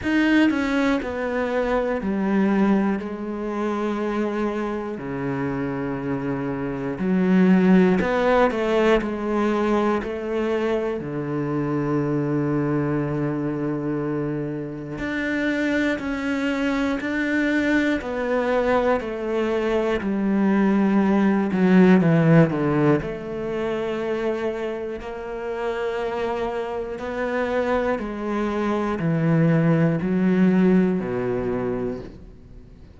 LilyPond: \new Staff \with { instrumentName = "cello" } { \time 4/4 \tempo 4 = 60 dis'8 cis'8 b4 g4 gis4~ | gis4 cis2 fis4 | b8 a8 gis4 a4 d4~ | d2. d'4 |
cis'4 d'4 b4 a4 | g4. fis8 e8 d8 a4~ | a4 ais2 b4 | gis4 e4 fis4 b,4 | }